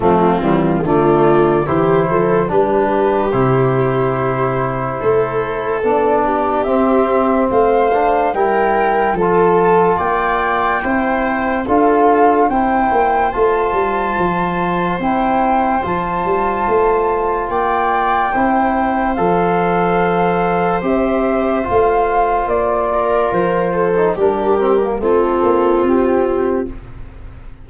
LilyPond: <<
  \new Staff \with { instrumentName = "flute" } { \time 4/4 \tempo 4 = 72 f'4 d''4 c''4 b'4 | c''2. d''4 | e''4 f''4 g''4 a''4 | g''2 f''4 g''4 |
a''2 g''4 a''4~ | a''4 g''2 f''4~ | f''4 e''4 f''4 d''4 | c''4 ais'4 a'4 g'4 | }
  \new Staff \with { instrumentName = "viola" } { \time 4/4 c'4 f'4 g'8 a'8 g'4~ | g'2 a'4. g'8~ | g'4 c''4 ais'4 a'4 | d''4 c''4 a'4 c''4~ |
c''1~ | c''4 d''4 c''2~ | c''2.~ c''8 ais'8~ | ais'8 a'8 g'4 f'2 | }
  \new Staff \with { instrumentName = "trombone" } { \time 4/4 a8 g8 a4 e'4 d'4 | e'2. d'4 | c'4. d'8 e'4 f'4~ | f'4 e'4 f'4 e'4 |
f'2 e'4 f'4~ | f'2 e'4 a'4~ | a'4 g'4 f'2~ | f'8. dis'16 d'8 c'16 ais16 c'2 | }
  \new Staff \with { instrumentName = "tuba" } { \time 4/4 f8 e8 d4 e8 f8 g4 | c2 a4 b4 | c'4 a4 g4 f4 | ais4 c'4 d'4 c'8 ais8 |
a8 g8 f4 c'4 f8 g8 | a4 ais4 c'4 f4~ | f4 c'4 a4 ais4 | f4 g4 a8 ais8 c'4 | }
>>